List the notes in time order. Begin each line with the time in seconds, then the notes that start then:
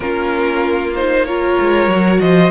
0.00 A#3 C#4 F4 A#4
0.95 D#4 C5
1.25 F4 A#4 C#5
1.60 G#3
1.88 F#3 F#4
2.20 F3 C5 D#5